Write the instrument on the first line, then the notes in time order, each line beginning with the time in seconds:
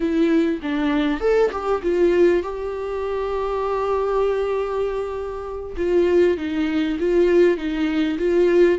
viola
0.00 E4
0.62 D4
1.20 A4
1.51 G4
1.82 F4
2.42 G4
5.76 F4
6.37 D#4
6.99 F4
7.57 D#4
8.18 F4